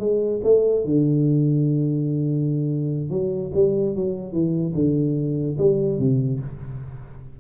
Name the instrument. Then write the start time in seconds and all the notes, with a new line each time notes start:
tuba
0.00 G#3
0.44 A3
0.85 D3
3.10 F#3
3.54 G3
3.95 F#3
4.33 E3
4.75 D3
5.58 G3
5.99 C3